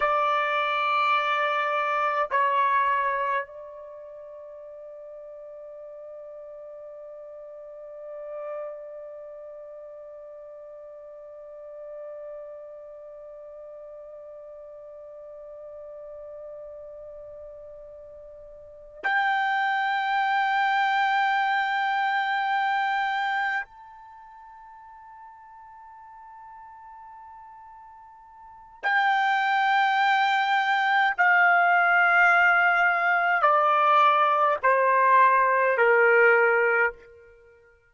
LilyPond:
\new Staff \with { instrumentName = "trumpet" } { \time 4/4 \tempo 4 = 52 d''2 cis''4 d''4~ | d''1~ | d''1~ | d''1~ |
d''8 g''2.~ g''8~ | g''8 a''2.~ a''8~ | a''4 g''2 f''4~ | f''4 d''4 c''4 ais'4 | }